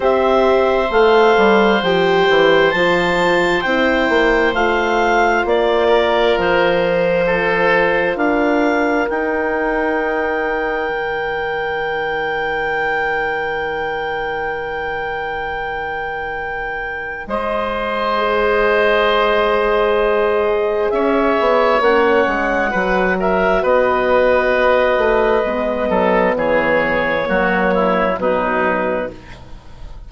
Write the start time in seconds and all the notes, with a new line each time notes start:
0.00 C4 G4 C5 E5
0.90 A3 A4 F5
1.37 G3
1.82 F3 G4 G5
2.28 E3
2.71 F3 F4 A5
3.61 C4 E4 G5
4.09 A#3
4.53 A3 F4 F5
5.45 A#3 D5
5.88 A#4
6.37 F3 C5
7.26 A4
8.15 D4 A#4 F5
9.09 D#4 G5
10.89 D#3
17.26 G#3 C5 D#5
18.17 G#4
20.90 C#4 C#5 E5
21.39 B3
21.80 A#3 C#4 F#5
22.27 G#3
22.70 F#3 F#4 B4
23.19 A#4 E5
23.62 B3 B4 D#5
24.97 A3
25.44 G#3 B3
25.89 F#3 A4
26.35 E3 G#4 C#5
27.24 F#3 A#3 F#4
27.73 E4
28.18 B2 F#3 D#4 B4